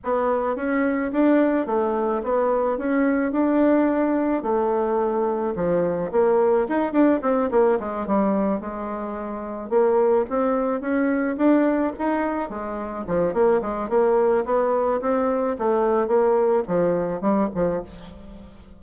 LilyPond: \new Staff \with { instrumentName = "bassoon" } { \time 4/4 \tempo 4 = 108 b4 cis'4 d'4 a4 | b4 cis'4 d'2 | a2 f4 ais4 | dis'8 d'8 c'8 ais8 gis8 g4 gis8~ |
gis4. ais4 c'4 cis'8~ | cis'8 d'4 dis'4 gis4 f8 | ais8 gis8 ais4 b4 c'4 | a4 ais4 f4 g8 f8 | }